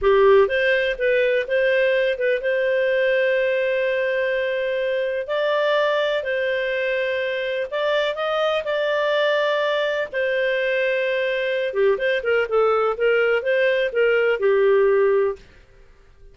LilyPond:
\new Staff \with { instrumentName = "clarinet" } { \time 4/4 \tempo 4 = 125 g'4 c''4 b'4 c''4~ | c''8 b'8 c''2.~ | c''2. d''4~ | d''4 c''2. |
d''4 dis''4 d''2~ | d''4 c''2.~ | c''8 g'8 c''8 ais'8 a'4 ais'4 | c''4 ais'4 g'2 | }